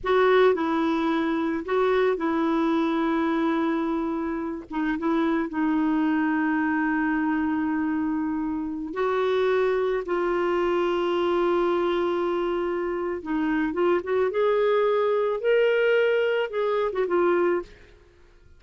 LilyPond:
\new Staff \with { instrumentName = "clarinet" } { \time 4/4 \tempo 4 = 109 fis'4 e'2 fis'4 | e'1~ | e'8 dis'8 e'4 dis'2~ | dis'1~ |
dis'16 fis'2 f'4.~ f'16~ | f'1 | dis'4 f'8 fis'8 gis'2 | ais'2 gis'8. fis'16 f'4 | }